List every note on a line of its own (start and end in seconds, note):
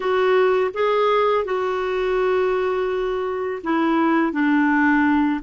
0.00 0.71 F#4
0.74 1.45 G#4
1.45 3.61 F#4
3.63 4.32 E4
4.32 5.40 D4